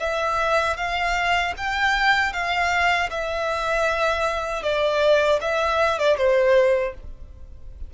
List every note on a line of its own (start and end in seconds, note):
0.00 0.77 E5
0.77 1.54 F5
1.57 2.33 G5
2.33 3.10 F5
3.10 4.63 E5
4.63 5.40 D5
5.42 5.99 E5
5.99 6.17 D5
6.17 6.94 C5